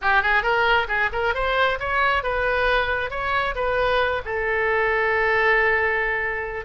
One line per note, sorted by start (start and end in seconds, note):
0.01 0.22 G4
0.22 0.42 G#4
0.42 0.87 A#4
0.87 1.10 G#4
1.12 1.34 A#4
1.34 1.78 C5
1.79 2.23 C#5
2.23 3.10 B4
3.10 3.54 C#5
3.55 4.22 B4
4.25 6.65 A4